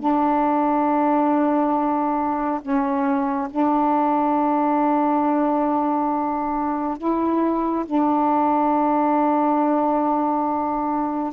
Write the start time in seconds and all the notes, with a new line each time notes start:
0.00 D4
2.62 C#4
3.51 D4
6.98 E4
7.86 D4